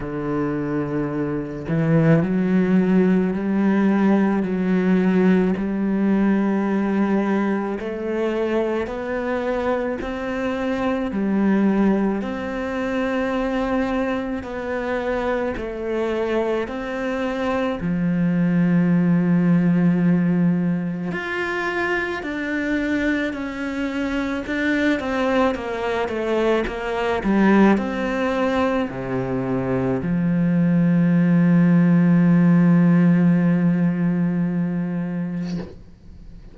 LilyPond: \new Staff \with { instrumentName = "cello" } { \time 4/4 \tempo 4 = 54 d4. e8 fis4 g4 | fis4 g2 a4 | b4 c'4 g4 c'4~ | c'4 b4 a4 c'4 |
f2. f'4 | d'4 cis'4 d'8 c'8 ais8 a8 | ais8 g8 c'4 c4 f4~ | f1 | }